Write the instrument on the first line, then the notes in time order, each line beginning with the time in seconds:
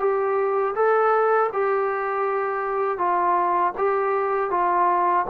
trombone
0.00 G4
0.75 A4
1.53 G4
2.98 F4
3.78 G4
4.51 F4